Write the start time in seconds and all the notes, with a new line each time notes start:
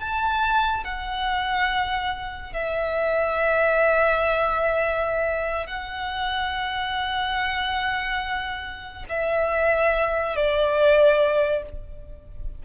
0.00 A5
0.85 F#5
2.53 E5
5.67 F#5
9.09 E5
10.36 D5